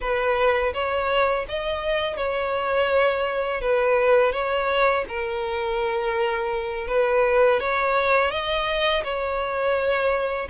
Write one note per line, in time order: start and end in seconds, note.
0.00 0.73 B4
0.73 1.46 C#5
1.48 2.17 D#5
2.17 3.61 C#5
3.61 4.32 B4
4.32 5.04 C#5
5.08 6.87 A#4
6.87 7.59 B4
7.60 8.31 C#5
8.31 9.03 D#5
9.04 10.48 C#5